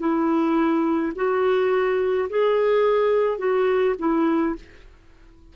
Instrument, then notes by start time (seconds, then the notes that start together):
clarinet
0.00 E4
1.16 F#4
2.30 G#4
3.39 F#4
3.99 E4